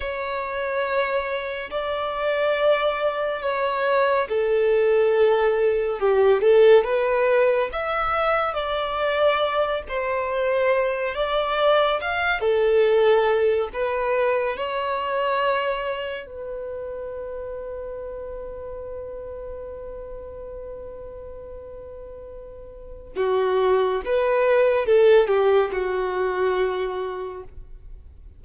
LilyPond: \new Staff \with { instrumentName = "violin" } { \time 4/4 \tempo 4 = 70 cis''2 d''2 | cis''4 a'2 g'8 a'8 | b'4 e''4 d''4. c''8~ | c''4 d''4 f''8 a'4. |
b'4 cis''2 b'4~ | b'1~ | b'2. fis'4 | b'4 a'8 g'8 fis'2 | }